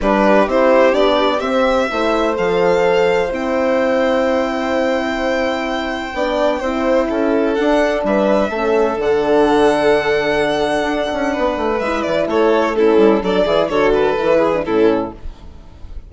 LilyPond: <<
  \new Staff \with { instrumentName = "violin" } { \time 4/4 \tempo 4 = 127 b'4 c''4 d''4 e''4~ | e''4 f''2 g''4~ | g''1~ | g''1 |
fis''4 e''2 fis''4~ | fis''1~ | fis''4 e''8 d''8 cis''4 a'4 | d''4 cis''8 b'4. a'4 | }
  \new Staff \with { instrumentName = "violin" } { \time 4/4 g'1 | c''1~ | c''1~ | c''4 d''4 c''4 a'4~ |
a'4 b'4 a'2~ | a'1 | b'2 a'4 e'4 | a'8 gis'8 a'4. gis'8 e'4 | }
  \new Staff \with { instrumentName = "horn" } { \time 4/4 d'4 e'4 d'4 c'4 | e'4 a'2 e'4~ | e'1~ | e'4 d'4 e'2 |
d'2 cis'4 d'4~ | d'1~ | d'4 e'2 cis'4 | d'8 e'8 fis'4 e'8. d'16 cis'4 | }
  \new Staff \with { instrumentName = "bassoon" } { \time 4/4 g4 c'4 b4 c'4 | a4 f2 c'4~ | c'1~ | c'4 b4 c'4 cis'4 |
d'4 g4 a4 d4~ | d2. d'8 cis'8 | b8 a8 gis8 e8 a4. g8 | fis8 e8 d4 e4 a,4 | }
>>